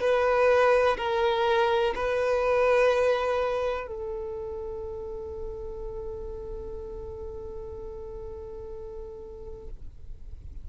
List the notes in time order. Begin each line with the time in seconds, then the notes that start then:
0.00 B4
0.97 A#4
1.95 B4
3.87 A4